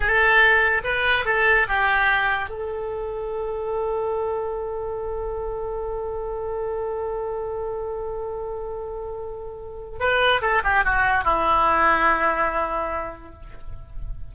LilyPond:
\new Staff \with { instrumentName = "oboe" } { \time 4/4 \tempo 4 = 144 a'2 b'4 a'4 | g'2 a'2~ | a'1~ | a'1~ |
a'1~ | a'1 | b'4 a'8 g'8 fis'4 e'4~ | e'1 | }